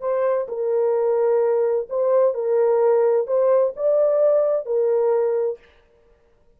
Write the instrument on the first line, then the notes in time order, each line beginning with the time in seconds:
horn
0.00 C5
0.48 A#4
1.89 C5
2.34 A#4
3.27 C5
3.76 D5
4.65 A#4